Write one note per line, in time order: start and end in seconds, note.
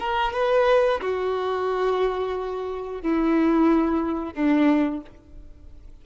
0.00 0.33 A#4
0.33 1.01 B4
1.01 3.03 F#4
3.03 4.34 E4
4.34 5.02 D4